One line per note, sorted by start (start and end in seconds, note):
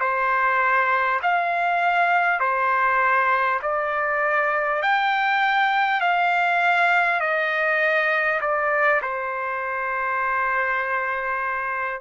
0.00 1.20 C5
1.22 2.39 F5
2.39 3.59 C5
3.62 4.82 D5
4.82 6.01 G5
6.01 7.20 F5
7.20 8.40 D#5
8.41 9.01 D5
9.01 12.01 C5